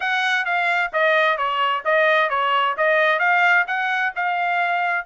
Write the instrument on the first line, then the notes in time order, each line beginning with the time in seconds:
trumpet
0.00 F#5
0.45 F5
0.92 D#5
1.37 C#5
1.84 D#5
2.29 C#5
2.77 D#5
3.19 F5
3.67 F#5
4.15 F5